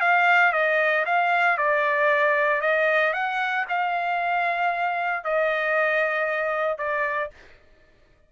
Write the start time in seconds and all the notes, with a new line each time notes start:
0.00 F5
0.52 D#5
1.05 F5
1.57 D5
2.61 D#5
3.13 F#5
3.69 F5
5.24 D#5
6.78 D5